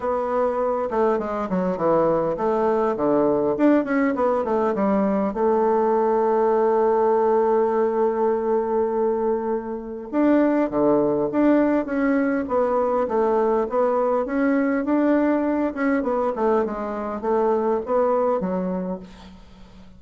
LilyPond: \new Staff \with { instrumentName = "bassoon" } { \time 4/4 \tempo 4 = 101 b4. a8 gis8 fis8 e4 | a4 d4 d'8 cis'8 b8 a8 | g4 a2.~ | a1~ |
a4 d'4 d4 d'4 | cis'4 b4 a4 b4 | cis'4 d'4. cis'8 b8 a8 | gis4 a4 b4 fis4 | }